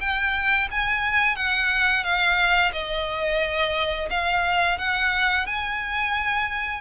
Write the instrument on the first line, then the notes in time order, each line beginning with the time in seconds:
violin
0.00 G5
0.71 G#5
1.36 F#5
2.03 F5
2.72 D#5
4.10 F5
4.78 F#5
5.46 G#5